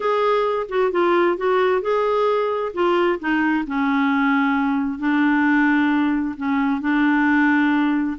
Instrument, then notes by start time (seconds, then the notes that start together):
clarinet
0.00 G#4
0.68 F#4
0.91 F4
1.37 F#4
1.81 G#4
2.73 F4
3.19 D#4
3.67 C#4
4.99 D4
6.37 C#4
6.80 D4